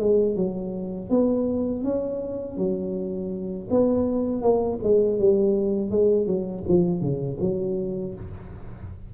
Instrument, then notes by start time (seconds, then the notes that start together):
tuba
0.00 G#3
0.36 F#3
1.10 B3
1.84 C#4
2.58 F#3
3.71 B3
4.42 A#3
4.83 G#3
5.20 G3
5.91 G#3
6.27 F#3
6.69 F3
7.01 C#3
7.40 F#3